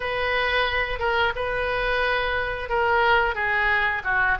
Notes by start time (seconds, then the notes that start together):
0.00 B4
0.99 A#4
1.35 B4
2.69 A#4
3.34 G#4
4.04 F#4